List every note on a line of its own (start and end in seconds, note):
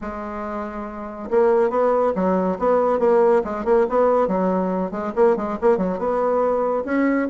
0.01 1.29 G#3
1.30 1.70 A#3
1.70 2.13 B3
2.15 2.58 F#3
2.59 2.99 B3
2.99 3.42 A#3
3.44 3.64 G#3
3.64 3.86 A#3
3.89 4.27 B3
4.27 4.91 F#3
4.91 5.12 G#3
5.15 5.36 A#3
5.36 5.57 G#3
5.61 5.77 A#3
5.77 5.98 F#3
5.98 6.84 B3
6.85 7.27 C#4